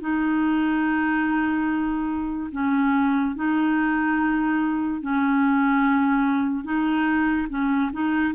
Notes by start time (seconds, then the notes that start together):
0.00 D#4
2.52 C#4
3.35 D#4
5.01 C#4
6.64 D#4
7.49 C#4
7.92 D#4